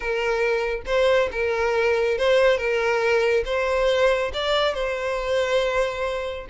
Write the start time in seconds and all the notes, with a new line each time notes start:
0.00 A#4
0.86 C5
1.31 A#4
2.18 C5
2.57 A#4
3.45 C5
4.33 D5
4.74 C5